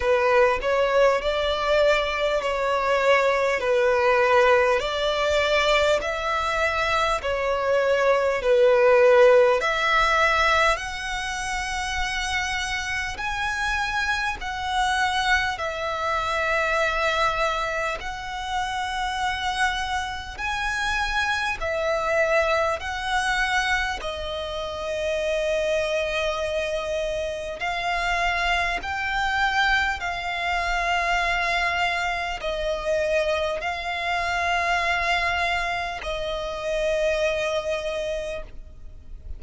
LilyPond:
\new Staff \with { instrumentName = "violin" } { \time 4/4 \tempo 4 = 50 b'8 cis''8 d''4 cis''4 b'4 | d''4 e''4 cis''4 b'4 | e''4 fis''2 gis''4 | fis''4 e''2 fis''4~ |
fis''4 gis''4 e''4 fis''4 | dis''2. f''4 | g''4 f''2 dis''4 | f''2 dis''2 | }